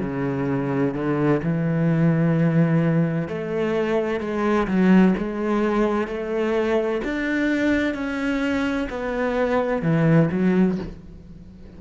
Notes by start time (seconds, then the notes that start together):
0.00 C#3
0.94 D3
1.43 E3
3.28 A3
4.20 G#3
4.67 F#3
5.17 G#3
6.07 A3
7.04 D4
7.94 C#4
8.90 B3
9.82 E3
10.31 F#3